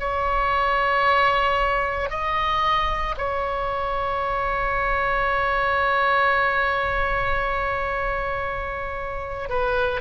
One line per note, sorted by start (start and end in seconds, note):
0.00 2.11 C#5
2.11 3.16 D#5
3.18 9.50 C#5
9.50 10.01 B4